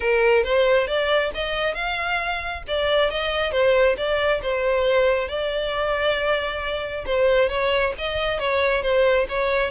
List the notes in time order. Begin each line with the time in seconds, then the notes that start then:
0.00 A#4
0.43 C5
0.87 D5
1.34 D#5
1.74 F5
2.67 D5
3.10 D#5
3.51 C5
3.97 D5
4.42 C5
5.28 D5
7.05 C5
7.49 C#5
7.98 D#5
8.39 C#5
8.82 C5
9.28 C#5